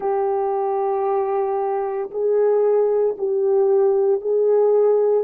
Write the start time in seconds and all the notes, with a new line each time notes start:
0.00 G4
2.11 G#4
3.18 G4
4.21 G#4